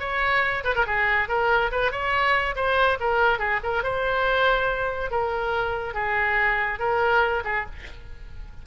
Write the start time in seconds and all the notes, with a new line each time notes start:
0.00 C#5
0.64 B4
0.75 A#4
0.87 G#4
1.29 A#4
1.72 B4
1.92 C#5
2.56 C5
3.00 A#4
3.39 G#4
3.64 A#4
3.84 C5
5.11 A#4
5.95 G#4
6.80 A#4
7.45 G#4